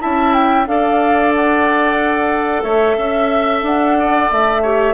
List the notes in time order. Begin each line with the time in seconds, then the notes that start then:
0.00 C#4 E4 E5 A5
0.34 G5
0.67 D4 A4 D5 F5
1.35 F#5
2.64 A3 C#5 E5
2.97 C#4 E5
3.63 D4 F#5
4.00 D5
4.32 A3 E5
4.62 G4 C#5